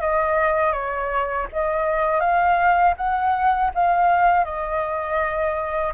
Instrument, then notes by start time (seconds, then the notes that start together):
flute
0.00 D#5
0.72 C#5
1.53 D#5
2.20 F5
2.97 F#5
3.74 F5
4.44 D#5